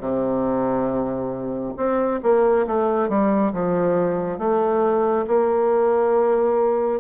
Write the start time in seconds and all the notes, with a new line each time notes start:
0.00 C3
1.77 C4
2.23 A#3
2.67 A3
3.09 G3
3.53 F3
4.39 A3
5.28 A#3